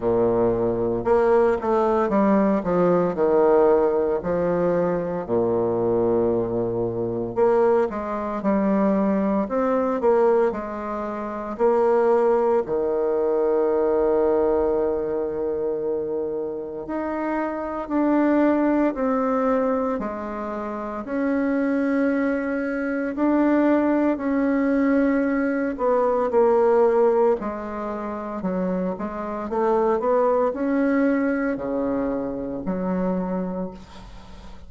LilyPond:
\new Staff \with { instrumentName = "bassoon" } { \time 4/4 \tempo 4 = 57 ais,4 ais8 a8 g8 f8 dis4 | f4 ais,2 ais8 gis8 | g4 c'8 ais8 gis4 ais4 | dis1 |
dis'4 d'4 c'4 gis4 | cis'2 d'4 cis'4~ | cis'8 b8 ais4 gis4 fis8 gis8 | a8 b8 cis'4 cis4 fis4 | }